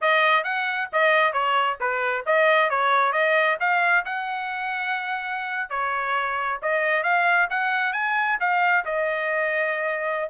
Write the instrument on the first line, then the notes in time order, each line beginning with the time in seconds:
trumpet
0.01 D#5
0.44 F#5
0.92 D#5
1.32 C#5
1.80 B4
2.26 D#5
2.70 C#5
3.12 D#5
3.60 F5
4.05 F#5
5.69 C#5
6.61 D#5
7.03 F5
7.50 F#5
7.93 G#5
8.40 F5
8.85 D#5